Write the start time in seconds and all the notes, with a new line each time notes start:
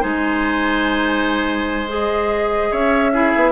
0.00 G#3 D#4 C5 G#5
1.88 G#4 D#5
2.71 C#4 C#5 E5
3.12 E4 G#4
3.35 B3